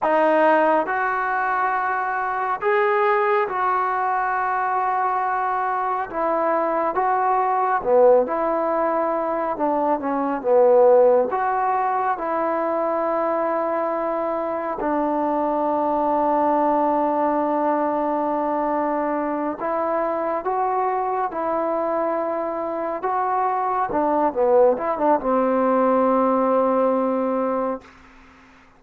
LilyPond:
\new Staff \with { instrumentName = "trombone" } { \time 4/4 \tempo 4 = 69 dis'4 fis'2 gis'4 | fis'2. e'4 | fis'4 b8 e'4. d'8 cis'8 | b4 fis'4 e'2~ |
e'4 d'2.~ | d'2~ d'8 e'4 fis'8~ | fis'8 e'2 fis'4 d'8 | b8 e'16 d'16 c'2. | }